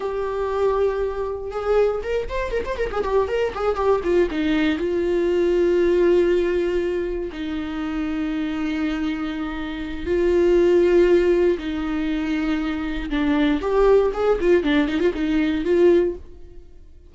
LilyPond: \new Staff \with { instrumentName = "viola" } { \time 4/4 \tempo 4 = 119 g'2. gis'4 | ais'8 c''8 ais'16 c''16 ais'16 gis'16 g'8 ais'8 gis'8 g'8 | f'8 dis'4 f'2~ f'8~ | f'2~ f'8 dis'4.~ |
dis'1 | f'2. dis'4~ | dis'2 d'4 g'4 | gis'8 f'8 d'8 dis'16 f'16 dis'4 f'4 | }